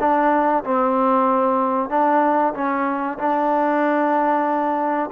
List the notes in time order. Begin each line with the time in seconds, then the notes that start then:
0.00 D4
0.64 C4
1.90 D4
2.54 C#4
3.18 D4